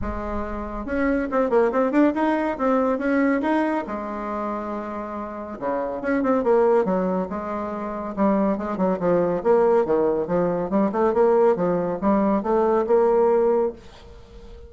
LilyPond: \new Staff \with { instrumentName = "bassoon" } { \time 4/4 \tempo 4 = 140 gis2 cis'4 c'8 ais8 | c'8 d'8 dis'4 c'4 cis'4 | dis'4 gis2.~ | gis4 cis4 cis'8 c'8 ais4 |
fis4 gis2 g4 | gis8 fis8 f4 ais4 dis4 | f4 g8 a8 ais4 f4 | g4 a4 ais2 | }